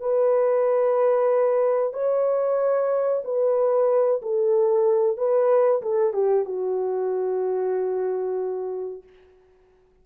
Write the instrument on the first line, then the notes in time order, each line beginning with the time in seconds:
horn
0.00 B4
1.93 C#5
3.25 B4
4.22 A4
5.17 B4
5.82 A4
6.13 G4
6.45 F#4